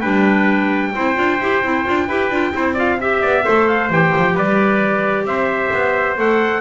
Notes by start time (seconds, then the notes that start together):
0.00 G3 D4 B4 G5
0.94 C4 E4 C5
1.15 D4 F4
1.40 E4 G4
1.62 C4 E4
1.84 D4 F4
2.07 E4 G4 B4
2.30 D4 F4
2.52 C4 E4 C5
2.73 F4 D5 F5
3.00 G4 E5
3.21 B3 D5
3.43 A3 A4 C5
3.67 F5
3.89 E3 G4 G5
4.16 F3
4.34 G3 B4 D5
5.25 C4 C5 E5
5.72 B3
6.17 A3 A4 F#5